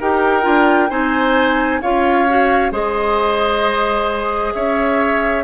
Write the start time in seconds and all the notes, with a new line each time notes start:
0.00 D#4 G4 A#4 G5
0.43 D4 F4
0.90 C4 D#4 C5 G#5
1.81 C#4 F4 C#5 F5
2.29 F#4
2.72 G#3 G#4 C5 D#5
4.53 C#4 C#5 E5